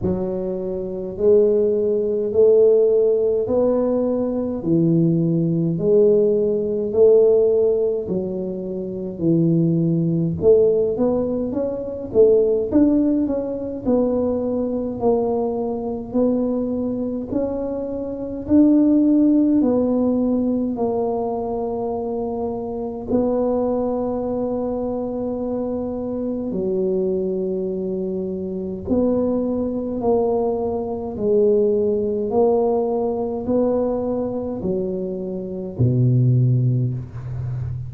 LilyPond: \new Staff \with { instrumentName = "tuba" } { \time 4/4 \tempo 4 = 52 fis4 gis4 a4 b4 | e4 gis4 a4 fis4 | e4 a8 b8 cis'8 a8 d'8 cis'8 | b4 ais4 b4 cis'4 |
d'4 b4 ais2 | b2. fis4~ | fis4 b4 ais4 gis4 | ais4 b4 fis4 b,4 | }